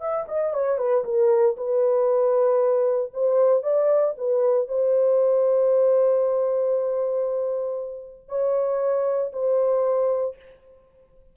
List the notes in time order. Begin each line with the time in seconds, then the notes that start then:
0.00 E5
0.28 D#5
0.53 C#5
0.78 B4
1.04 A#4
1.56 B4
3.13 C5
3.62 D5
4.17 B4
4.68 C5
8.28 C#5
9.32 C5